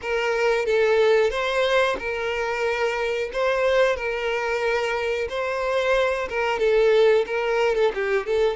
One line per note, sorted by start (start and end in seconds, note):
0.01 0.65 A#4
0.65 1.30 A4
1.30 1.96 C5
1.98 3.30 A#4
3.32 3.96 C5
3.96 5.27 A#4
5.29 6.28 C5
6.29 6.59 A#4
6.59 7.25 A4
7.26 7.75 A#4
7.75 7.91 A4
7.94 8.25 G4
8.25 8.56 A4